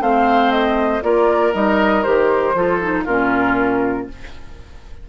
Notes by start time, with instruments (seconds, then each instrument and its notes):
0.00 bassoon A3, clarinet C4, oboe C5, flute F5
0.51 flute D#5
1.01 bassoon A#3, clarinet F4, oboe A#4, flute D5
1.52 bassoon G3, clarinet D#4, flute D#5
2.02 bassoon D#3, clarinet G4, flute C5
2.54 bassoon F3, clarinet F4, oboe A4
2.81 clarinet D#4
3.04 bassoon A#2, clarinet C#4, oboe F4, flute A#4